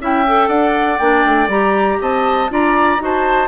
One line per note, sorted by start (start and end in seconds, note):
0.00 0.49 C#4
0.00 0.25 E4
0.00 0.49 E5
0.00 0.48 G5
0.27 1.00 A4
0.48 0.99 D4
0.48 1.99 D5
0.48 0.98 F#5
0.98 1.25 A#3
0.98 1.49 D4
0.98 1.48 G5
1.25 1.48 A3
1.48 1.98 G3
1.48 2.49 G4
1.48 2.01 A#5
2.01 2.50 C4
2.01 2.51 D#5
2.01 2.52 A5
2.49 3.00 D4
2.49 2.99 F4
2.49 3.02 D5
2.49 3.03 A#5
2.99 3.48 D#4
2.99 3.48 F#4
2.99 3.48 C5
2.99 3.48 A5